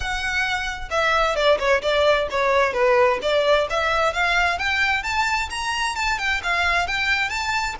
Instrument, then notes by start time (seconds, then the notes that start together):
violin
0.00 F#5
0.90 E5
1.35 D5
1.58 C#5
1.82 D5
2.30 C#5
2.73 B4
3.22 D5
3.70 E5
4.13 F5
4.58 G5
5.03 A5
5.50 A#5
5.95 A5
6.18 G5
6.43 F5
6.87 G5
7.29 A5